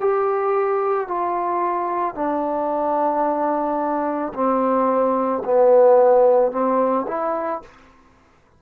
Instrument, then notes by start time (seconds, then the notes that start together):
trombone
0.00 G4
1.07 F4
2.15 D4
4.34 C4
5.44 B3
6.52 C4
7.07 E4